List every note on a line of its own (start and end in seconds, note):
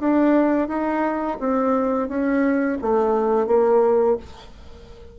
0.00 0.68 D4
0.68 1.38 D#4
1.40 2.09 C4
2.09 2.78 C#4
2.82 3.47 A3
3.47 4.17 A#3